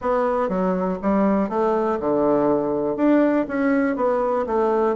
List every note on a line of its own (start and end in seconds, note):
0.01 0.48 B3
0.48 0.98 F#3
1.02 1.49 G3
1.49 1.98 A3
2.00 2.96 D3
2.96 3.46 D4
3.48 3.96 C#4
3.96 4.45 B3
4.46 4.96 A3